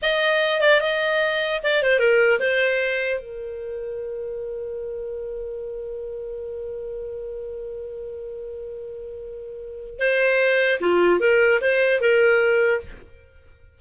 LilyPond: \new Staff \with { instrumentName = "clarinet" } { \time 4/4 \tempo 4 = 150 dis''4. d''8 dis''2 | d''8 c''8 ais'4 c''2 | ais'1~ | ais'1~ |
ais'1~ | ais'1~ | ais'4 c''2 f'4 | ais'4 c''4 ais'2 | }